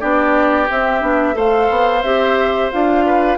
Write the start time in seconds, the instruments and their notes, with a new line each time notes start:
0.00 bassoon B3, clarinet D4, oboe G4, flute D5
0.69 clarinet C4, bassoon C4, flute E5
1.01 bassoon B3, clarinet D4
1.33 bassoon A3, clarinet A4, oboe C5, flute F5
1.70 bassoon B3
2.03 bassoon C4, clarinet G4, flute E5
2.71 bassoon D4, clarinet F4, flute F5
3.06 oboe B4